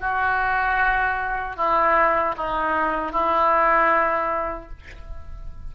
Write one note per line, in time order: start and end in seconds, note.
0.00 1.56 F#4
1.56 2.35 E4
2.38 3.12 D#4
3.12 4.70 E4